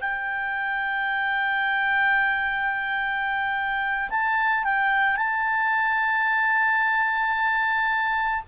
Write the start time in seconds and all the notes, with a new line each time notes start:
0.00 G5
4.10 A5
4.64 G5
5.16 A5